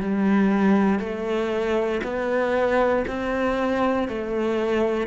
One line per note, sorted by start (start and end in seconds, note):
0.00 0.99 G3
0.99 2.01 A3
2.03 3.05 B3
3.07 4.08 C4
4.08 5.07 A3